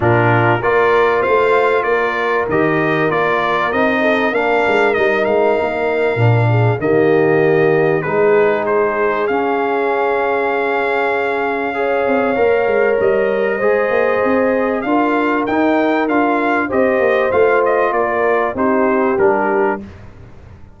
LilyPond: <<
  \new Staff \with { instrumentName = "trumpet" } { \time 4/4 \tempo 4 = 97 ais'4 d''4 f''4 d''4 | dis''4 d''4 dis''4 f''4 | dis''8 f''2~ f''8 dis''4~ | dis''4 b'4 c''4 f''4~ |
f''1~ | f''4 dis''2. | f''4 g''4 f''4 dis''4 | f''8 dis''8 d''4 c''4 ais'4 | }
  \new Staff \with { instrumentName = "horn" } { \time 4/4 f'4 ais'4 c''4 ais'4~ | ais'2~ ais'8 a'8 ais'4~ | ais'2~ ais'8 gis'8 g'4~ | g'4 gis'2.~ |
gis'2. cis''4~ | cis''2 c''2 | ais'2. c''4~ | c''4 ais'4 g'2 | }
  \new Staff \with { instrumentName = "trombone" } { \time 4/4 d'4 f'2. | g'4 f'4 dis'4 d'4 | dis'2 d'4 ais4~ | ais4 dis'2 cis'4~ |
cis'2. gis'4 | ais'2 gis'2 | f'4 dis'4 f'4 g'4 | f'2 dis'4 d'4 | }
  \new Staff \with { instrumentName = "tuba" } { \time 4/4 ais,4 ais4 a4 ais4 | dis4 ais4 c'4 ais8 gis8 | g8 gis8 ais4 ais,4 dis4~ | dis4 gis2 cis'4~ |
cis'2.~ cis'8 c'8 | ais8 gis8 g4 gis8 ais8 c'4 | d'4 dis'4 d'4 c'8 ais8 | a4 ais4 c'4 g4 | }
>>